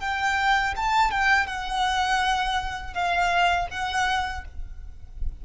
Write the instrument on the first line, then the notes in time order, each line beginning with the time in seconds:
violin
0.00 G5
0.76 A5
1.11 G5
1.46 F#5
2.94 F5
3.71 F#5